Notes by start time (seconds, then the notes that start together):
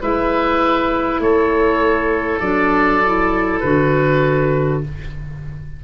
0.00 G#3 E4 B4 E5
1.19 A3 A4 C#5
2.40 F#3 D4 D5
3.05 E4
3.60 D3 F#4 B4